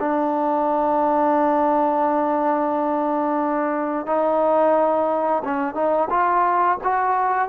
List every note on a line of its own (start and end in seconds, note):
0.00 4.07 D4
4.07 5.43 D#4
5.45 5.75 C#4
5.75 6.09 D#4
6.10 6.78 F4
6.84 7.49 F#4